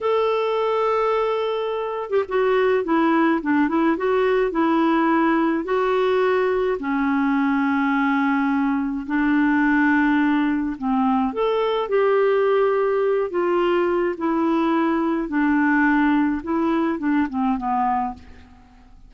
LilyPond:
\new Staff \with { instrumentName = "clarinet" } { \time 4/4 \tempo 4 = 106 a'2.~ a'8. g'16 | fis'4 e'4 d'8 e'8 fis'4 | e'2 fis'2 | cis'1 |
d'2. c'4 | a'4 g'2~ g'8 f'8~ | f'4 e'2 d'4~ | d'4 e'4 d'8 c'8 b4 | }